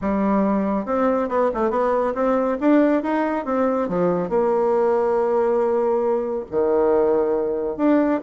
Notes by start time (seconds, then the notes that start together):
0.01 G3
0.85 C4
1.28 B3
1.54 A3
1.70 B3
2.14 C4
2.60 D4
3.02 D#4
3.45 C4
3.88 F3
4.29 A#3
6.51 D#3
7.77 D4